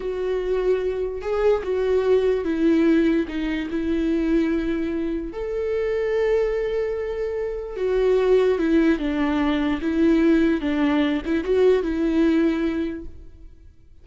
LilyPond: \new Staff \with { instrumentName = "viola" } { \time 4/4 \tempo 4 = 147 fis'2. gis'4 | fis'2 e'2 | dis'4 e'2.~ | e'4 a'2.~ |
a'2. fis'4~ | fis'4 e'4 d'2 | e'2 d'4. e'8 | fis'4 e'2. | }